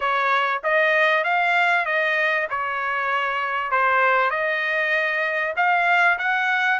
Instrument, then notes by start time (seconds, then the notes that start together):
trumpet
0.00 C#5
0.63 D#5
1.23 F5
1.85 D#5
2.49 C#5
3.71 C5
4.30 D#5
5.56 F5
6.18 F#5